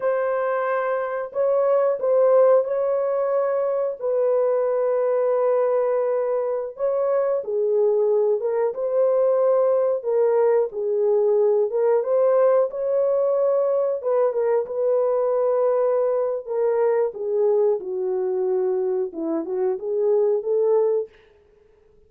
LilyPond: \new Staff \with { instrumentName = "horn" } { \time 4/4 \tempo 4 = 91 c''2 cis''4 c''4 | cis''2 b'2~ | b'2~ b'16 cis''4 gis'8.~ | gis'8. ais'8 c''2 ais'8.~ |
ais'16 gis'4. ais'8 c''4 cis''8.~ | cis''4~ cis''16 b'8 ais'8 b'4.~ b'16~ | b'4 ais'4 gis'4 fis'4~ | fis'4 e'8 fis'8 gis'4 a'4 | }